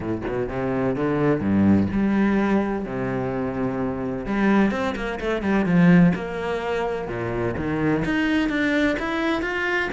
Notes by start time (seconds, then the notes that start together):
0.00 A2
0.27 B2
0.49 C3
0.96 D3
1.40 G2
1.92 G3
2.85 C3
4.25 G3
4.71 C4
4.95 A#3
5.20 A3
5.41 G3
5.65 F3
6.15 A#3
7.07 A#2
7.56 D#3
8.04 D#4
8.49 D4
8.99 E4
9.41 F4